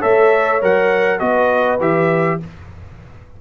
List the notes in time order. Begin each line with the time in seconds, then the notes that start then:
0.00 A3 A4 C#5 E5
0.61 F#3 A#4 F#5
1.19 B3 F#4 B4 D#5
1.79 E3 G4 E5